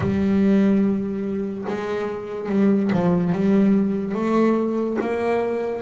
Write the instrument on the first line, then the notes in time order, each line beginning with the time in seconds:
double bass
0.00 G3
1.67 G#3
2.49 G3
2.92 F3
3.32 G3
4.14 A3
5.00 A#3